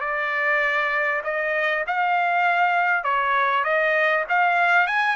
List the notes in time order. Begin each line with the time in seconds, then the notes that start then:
0.00 D5
1.23 D#5
1.87 F5
3.03 C#5
3.64 D#5
4.29 F5
4.87 G#5